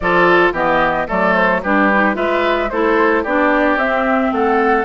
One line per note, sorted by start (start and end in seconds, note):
0.00 0.51 F3
0.00 0.54 F4
0.00 0.53 A4
0.00 0.51 D5
0.51 1.05 E3
0.51 1.07 B3
0.51 1.07 G4
0.51 1.08 D#5
1.07 1.64 F#3
1.07 1.61 A3
1.07 1.61 A4
1.07 1.33 D5
1.33 1.60 C5
1.62 2.16 G3
1.62 1.92 D4
1.62 2.16 G4
1.62 2.15 B4
1.93 2.14 D#4
2.14 2.70 G#3
2.14 2.68 F4
2.14 2.70 B4
2.14 2.69 E5
2.69 3.24 A3
2.69 3.25 E4
2.69 3.23 A4
2.69 3.23 C5
3.23 3.76 B3
3.23 3.79 D4
3.23 4.31 G4
3.23 3.78 D5
3.76 4.30 C4
3.76 4.85 C4
3.76 4.32 E5
4.32 4.85 A3
4.32 4.85 A4
4.32 4.85 F#5